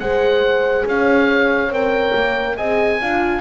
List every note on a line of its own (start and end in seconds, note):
0.00 0.86 G#3
0.00 1.72 G#4
0.00 0.87 C5
0.00 0.86 F#5
0.86 1.69 C#4
0.86 2.57 C#5
0.86 1.74 F5
1.69 2.12 C4
1.69 2.57 A#4
1.69 2.57 G5
2.16 2.58 A#3
2.57 3.01 C4
2.57 3.01 G#4
2.57 3.00 D#5
2.57 3.42 G#5
3.01 3.42 D4
3.01 3.42 F4
3.01 3.42 F5